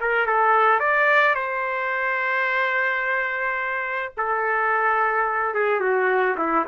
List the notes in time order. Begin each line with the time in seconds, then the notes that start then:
0.00 A#4
0.26 A4
0.80 D5
1.35 C5
4.17 A4
5.54 G#4
5.80 F#4
6.37 E4